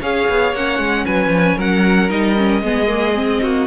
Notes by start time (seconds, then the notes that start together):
0.00 C#4 G#4 C#5 F5
0.29 B3
0.53 A#3 C#4 F#5
0.79 G#3
1.06 F#3 B4 G#5
1.27 F3
1.57 F#3 A#4 F#5
2.10 G3 D#4 D#5
2.37 C#4
2.61 G#3 B3 G#4
2.87 A#3
3.15 C4
3.43 A#3 F#4